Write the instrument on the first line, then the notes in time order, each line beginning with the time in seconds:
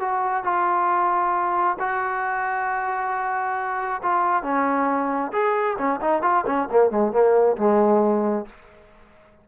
trombone
0.00 F#4
0.44 F4
1.79 F#4
4.03 F4
4.43 C#4
5.32 G#4
5.78 C#4
6.01 D#4
6.22 F4
6.46 C#4
6.71 A#3
6.91 G#3
7.12 A#3
7.57 G#3